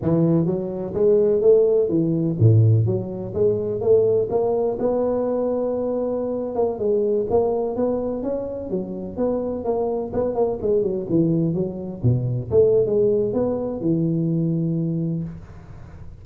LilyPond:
\new Staff \with { instrumentName = "tuba" } { \time 4/4 \tempo 4 = 126 e4 fis4 gis4 a4 | e4 a,4 fis4 gis4 | a4 ais4 b2~ | b4.~ b16 ais8 gis4 ais8.~ |
ais16 b4 cis'4 fis4 b8.~ | b16 ais4 b8 ais8 gis8 fis8 e8.~ | e16 fis4 b,4 a8. gis4 | b4 e2. | }